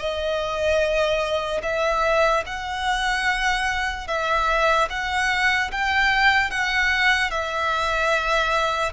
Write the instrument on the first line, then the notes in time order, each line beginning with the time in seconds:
violin
0.00 D#5
1.63 E5
2.47 F#5
4.08 E5
4.90 F#5
5.72 G5
6.51 F#5
7.31 E5